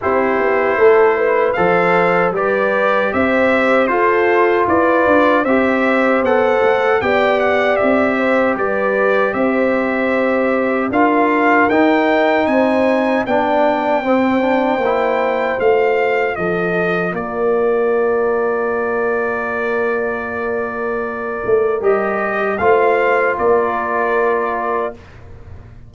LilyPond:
<<
  \new Staff \with { instrumentName = "trumpet" } { \time 4/4 \tempo 4 = 77 c''2 f''4 d''4 | e''4 c''4 d''4 e''4 | fis''4 g''8 fis''8 e''4 d''4 | e''2 f''4 g''4 |
gis''4 g''2. | f''4 dis''4 d''2~ | d''1 | dis''4 f''4 d''2 | }
  \new Staff \with { instrumentName = "horn" } { \time 4/4 g'4 a'8 b'8 c''4 b'4 | c''4 a'4 b'4 c''4~ | c''4 d''4. c''8 b'4 | c''2 ais'2 |
c''4 d''4 c''2~ | c''4 a'4 ais'2~ | ais'1~ | ais'4 c''4 ais'2 | }
  \new Staff \with { instrumentName = "trombone" } { \time 4/4 e'2 a'4 g'4~ | g'4 f'2 g'4 | a'4 g'2.~ | g'2 f'4 dis'4~ |
dis'4 d'4 c'8 d'8 e'4 | f'1~ | f'1 | g'4 f'2. | }
  \new Staff \with { instrumentName = "tuba" } { \time 4/4 c'8 b8 a4 f4 g4 | c'4 f'4 e'8 d'8 c'4 | b8 a8 b4 c'4 g4 | c'2 d'4 dis'4 |
c'4 b4 c'4 ais4 | a4 f4 ais2~ | ais2.~ ais8 a8 | g4 a4 ais2 | }
>>